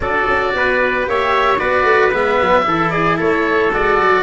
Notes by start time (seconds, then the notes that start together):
0.00 D4 F#4 A4 D5
0.28 C#4
0.54 B3 B4
1.03 A#3 G4 C#5 E5
1.58 B3 F#4 B4 D5
1.83 A3
2.12 G#3 B3 E5
2.41 F#3
2.62 E3 E4 A4
2.90 G#4 D5
3.17 A3 A4 C#5
3.73 G#3 F#4 D5
3.99 F#3